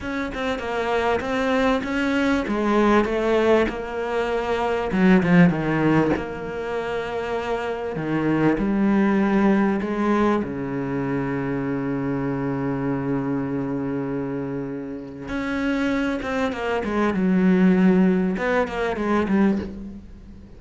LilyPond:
\new Staff \with { instrumentName = "cello" } { \time 4/4 \tempo 4 = 98 cis'8 c'8 ais4 c'4 cis'4 | gis4 a4 ais2 | fis8 f8 dis4 ais2~ | ais4 dis4 g2 |
gis4 cis2.~ | cis1~ | cis4 cis'4. c'8 ais8 gis8 | fis2 b8 ais8 gis8 g8 | }